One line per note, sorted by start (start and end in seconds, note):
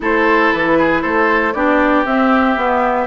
0.00 0.52 A3
0.00 1.53 E4
0.00 0.78 A4
0.00 0.53 C5
0.53 1.03 E3
0.53 1.02 B4
0.78 1.02 G#4
1.02 1.54 A3
1.02 1.53 A4
1.02 1.52 C5
1.52 2.05 B3
1.52 2.05 D4
1.52 3.07 G4
1.52 2.04 D5
2.05 2.56 C4
2.05 3.07 E5
2.56 3.07 B3